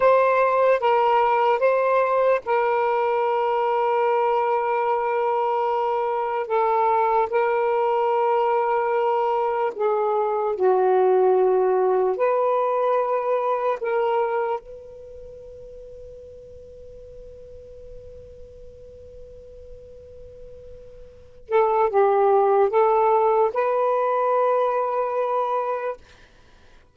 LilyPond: \new Staff \with { instrumentName = "saxophone" } { \time 4/4 \tempo 4 = 74 c''4 ais'4 c''4 ais'4~ | ais'1 | a'4 ais'2. | gis'4 fis'2 b'4~ |
b'4 ais'4 b'2~ | b'1~ | b'2~ b'8 a'8 g'4 | a'4 b'2. | }